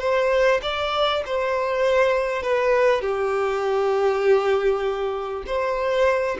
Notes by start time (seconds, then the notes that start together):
0.00 C5
0.63 D5
1.26 C5
2.43 B4
3.02 G4
5.47 C5